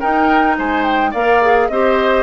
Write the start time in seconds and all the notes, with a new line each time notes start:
0.00 D#4 A#4 G5
0.58 G#3 C5 G#5
0.85 G5
1.11 A#3 A#4 D5 F5
1.42 G#4
1.69 C4 G4 C5 D#5